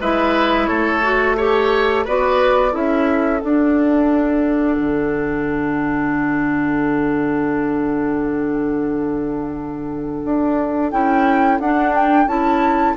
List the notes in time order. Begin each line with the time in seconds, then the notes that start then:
0.00 G#3 E4 B4 E5
0.66 A3 A4 C#5
1.02 F#4
1.37 G4 A4 C#5
2.05 B3 F#4 B4 D5
2.71 C#4 E4 A4 E5
3.40 D4 F#5
4.77 D3
10.25 D4
10.91 C#4 E4 G5
11.59 D4 F#5
11.94 G5
12.27 C#4 E4 A5